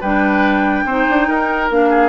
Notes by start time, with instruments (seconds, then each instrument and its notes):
0.00 bassoon G3, clarinet D4, oboe B4, flute G5
0.84 bassoon C4, clarinet D#4, oboe C5
1.09 bassoon D4
1.27 bassoon D#4, oboe A#4
1.70 bassoon A#3, clarinet D4, flute F5
1.89 oboe G#4